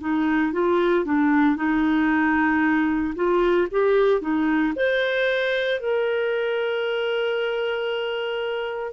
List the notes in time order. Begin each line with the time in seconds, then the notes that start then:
0.00 D#4
0.53 F4
1.05 D4
1.56 D#4
3.15 F4
3.71 G4
4.21 D#4
4.76 C5
5.79 A#4